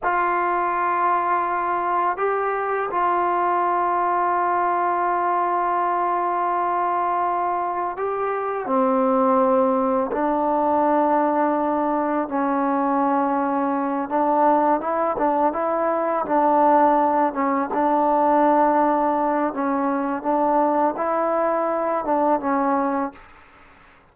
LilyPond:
\new Staff \with { instrumentName = "trombone" } { \time 4/4 \tempo 4 = 83 f'2. g'4 | f'1~ | f'2. g'4 | c'2 d'2~ |
d'4 cis'2~ cis'8 d'8~ | d'8 e'8 d'8 e'4 d'4. | cis'8 d'2~ d'8 cis'4 | d'4 e'4. d'8 cis'4 | }